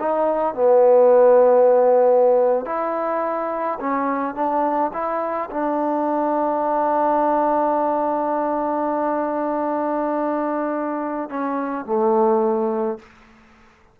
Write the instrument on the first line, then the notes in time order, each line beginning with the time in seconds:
trombone
0.00 D#4
0.55 B3
2.66 E4
3.80 C#4
4.35 D4
4.93 E4
5.51 D4
11.30 C#4
11.86 A3